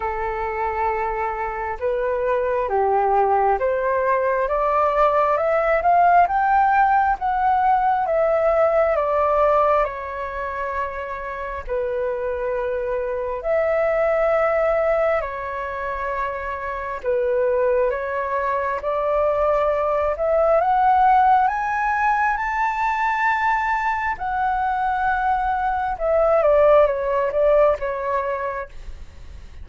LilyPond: \new Staff \with { instrumentName = "flute" } { \time 4/4 \tempo 4 = 67 a'2 b'4 g'4 | c''4 d''4 e''8 f''8 g''4 | fis''4 e''4 d''4 cis''4~ | cis''4 b'2 e''4~ |
e''4 cis''2 b'4 | cis''4 d''4. e''8 fis''4 | gis''4 a''2 fis''4~ | fis''4 e''8 d''8 cis''8 d''8 cis''4 | }